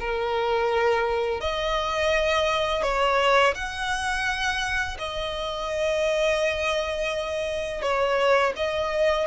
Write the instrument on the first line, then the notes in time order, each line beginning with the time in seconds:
violin
0.00 A#4
1.41 D#5
2.83 C#5
3.55 F#5
4.99 D#5
7.82 C#5
8.56 D#5